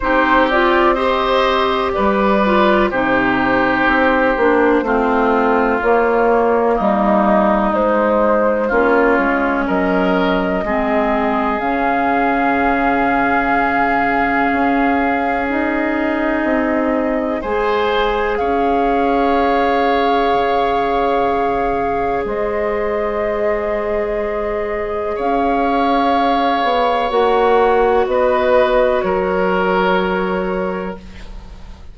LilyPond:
<<
  \new Staff \with { instrumentName = "flute" } { \time 4/4 \tempo 4 = 62 c''8 d''8 dis''4 d''4 c''4~ | c''2 cis''4 dis''4 | c''4 cis''4 dis''2 | f''1 |
dis''2 gis''4 f''4~ | f''2. dis''4~ | dis''2 f''2 | fis''4 dis''4 cis''2 | }
  \new Staff \with { instrumentName = "oboe" } { \time 4/4 g'4 c''4 b'4 g'4~ | g'4 f'2 dis'4~ | dis'4 f'4 ais'4 gis'4~ | gis'1~ |
gis'2 c''4 cis''4~ | cis''2. c''4~ | c''2 cis''2~ | cis''4 b'4 ais'2 | }
  \new Staff \with { instrumentName = "clarinet" } { \time 4/4 dis'8 f'8 g'4. f'8 dis'4~ | dis'8 d'8 c'4 ais2 | gis4 cis'2 c'4 | cis'1 |
dis'2 gis'2~ | gis'1~ | gis'1 | fis'1 | }
  \new Staff \with { instrumentName = "bassoon" } { \time 4/4 c'2 g4 c4 | c'8 ais8 a4 ais4 g4 | gis4 ais8 gis8 fis4 gis4 | cis2. cis'4~ |
cis'4 c'4 gis4 cis'4~ | cis'4 cis2 gis4~ | gis2 cis'4. b8 | ais4 b4 fis2 | }
>>